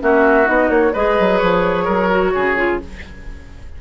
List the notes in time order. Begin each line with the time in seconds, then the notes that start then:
0.00 A#3 C#4 F#4 E5
0.45 B3 D#4 D#5
0.70 A#3 C#5
0.93 G#3 G#4 B4 D#5
1.20 F#3
1.39 F3 C#5
1.85 F#3 A#4
2.10 F#4
2.35 C#3 G#4
2.57 F4